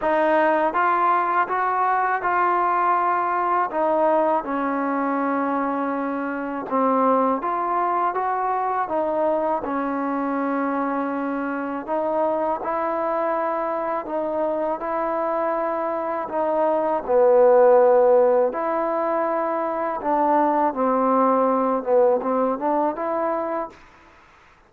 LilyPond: \new Staff \with { instrumentName = "trombone" } { \time 4/4 \tempo 4 = 81 dis'4 f'4 fis'4 f'4~ | f'4 dis'4 cis'2~ | cis'4 c'4 f'4 fis'4 | dis'4 cis'2. |
dis'4 e'2 dis'4 | e'2 dis'4 b4~ | b4 e'2 d'4 | c'4. b8 c'8 d'8 e'4 | }